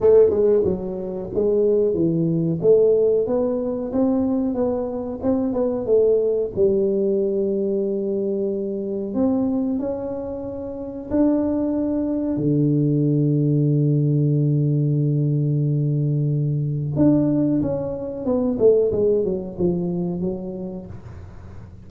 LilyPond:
\new Staff \with { instrumentName = "tuba" } { \time 4/4 \tempo 4 = 92 a8 gis8 fis4 gis4 e4 | a4 b4 c'4 b4 | c'8 b8 a4 g2~ | g2 c'4 cis'4~ |
cis'4 d'2 d4~ | d1~ | d2 d'4 cis'4 | b8 a8 gis8 fis8 f4 fis4 | }